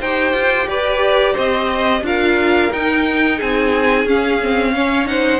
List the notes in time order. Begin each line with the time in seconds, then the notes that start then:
0.00 D#4 G4 C5 G5
0.33 F4
0.68 G4 B4 D5
1.33 C4 C5 D#5
2.02 D4 F4 A#4 F5
2.72 D#4 G5
3.37 C4 G#4 G#5
4.05 C#4 F5
4.43 C4
4.75 C#4 C#5
5.06 D#4 C5 F#5